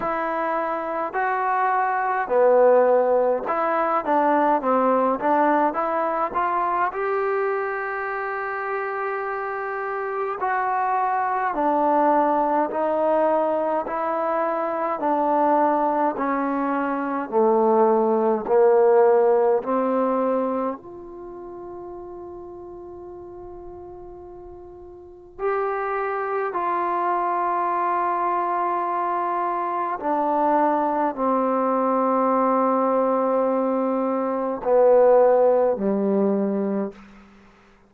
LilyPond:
\new Staff \with { instrumentName = "trombone" } { \time 4/4 \tempo 4 = 52 e'4 fis'4 b4 e'8 d'8 | c'8 d'8 e'8 f'8 g'2~ | g'4 fis'4 d'4 dis'4 | e'4 d'4 cis'4 a4 |
ais4 c'4 f'2~ | f'2 g'4 f'4~ | f'2 d'4 c'4~ | c'2 b4 g4 | }